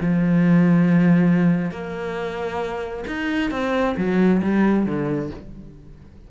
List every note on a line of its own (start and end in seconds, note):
0.00 1.71 F3
1.71 3.04 A#3
3.07 3.51 D#4
3.51 3.95 C4
3.97 4.41 F#3
4.42 4.86 G3
4.86 5.30 D3